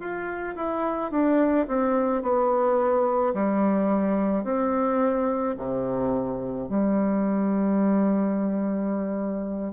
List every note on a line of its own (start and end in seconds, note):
0.00 0.56 F4
0.56 1.11 E4
1.11 1.67 D4
1.68 2.22 C4
2.22 3.33 B3
3.34 4.44 G3
4.44 5.56 C4
5.58 6.69 C3
6.69 9.73 G3